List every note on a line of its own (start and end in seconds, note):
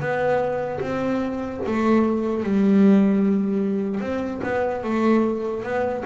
0.00 0.80 B3
0.80 1.60 C4
1.66 2.43 A3
2.43 4.01 G3
4.01 4.41 C4
4.43 4.83 B3
4.84 5.64 A3
5.64 6.04 B3